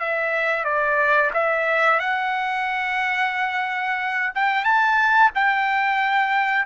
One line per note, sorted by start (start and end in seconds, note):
0.00 0.65 E5
0.65 1.31 D5
1.34 2.00 E5
2.00 4.33 F#5
4.35 4.65 G5
4.65 5.31 A5
5.35 6.66 G5